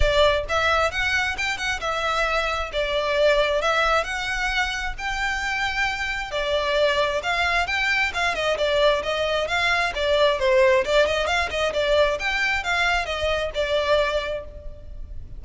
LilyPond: \new Staff \with { instrumentName = "violin" } { \time 4/4 \tempo 4 = 133 d''4 e''4 fis''4 g''8 fis''8 | e''2 d''2 | e''4 fis''2 g''4~ | g''2 d''2 |
f''4 g''4 f''8 dis''8 d''4 | dis''4 f''4 d''4 c''4 | d''8 dis''8 f''8 dis''8 d''4 g''4 | f''4 dis''4 d''2 | }